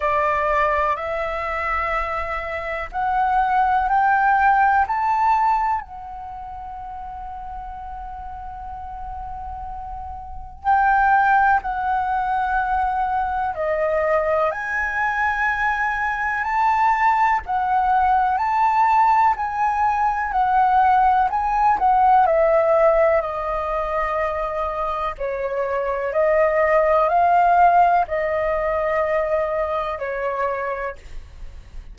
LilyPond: \new Staff \with { instrumentName = "flute" } { \time 4/4 \tempo 4 = 62 d''4 e''2 fis''4 | g''4 a''4 fis''2~ | fis''2. g''4 | fis''2 dis''4 gis''4~ |
gis''4 a''4 fis''4 a''4 | gis''4 fis''4 gis''8 fis''8 e''4 | dis''2 cis''4 dis''4 | f''4 dis''2 cis''4 | }